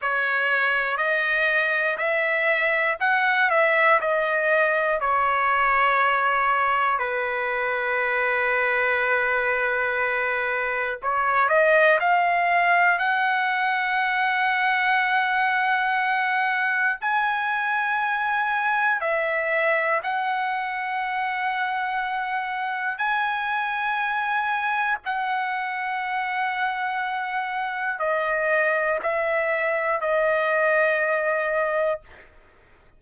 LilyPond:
\new Staff \with { instrumentName = "trumpet" } { \time 4/4 \tempo 4 = 60 cis''4 dis''4 e''4 fis''8 e''8 | dis''4 cis''2 b'4~ | b'2. cis''8 dis''8 | f''4 fis''2.~ |
fis''4 gis''2 e''4 | fis''2. gis''4~ | gis''4 fis''2. | dis''4 e''4 dis''2 | }